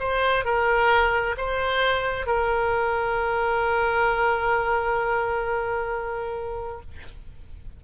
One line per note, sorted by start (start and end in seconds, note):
0.00 0.45 C5
0.45 1.36 A#4
1.38 2.27 C5
2.27 6.81 A#4